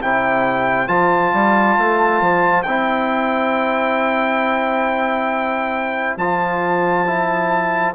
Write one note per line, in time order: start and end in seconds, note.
0.00 0.88 C3
0.00 0.87 E4
0.00 7.94 C5
0.00 0.87 G5
0.87 1.32 F3
0.87 2.64 F4
0.87 2.63 A5
1.33 1.77 G3
1.78 2.21 A3
2.21 2.65 F3
2.63 6.17 C4
2.63 6.19 E4
2.63 6.16 G5
6.17 7.93 F3
6.17 7.06 F4
6.17 7.94 A5
7.06 7.94 E4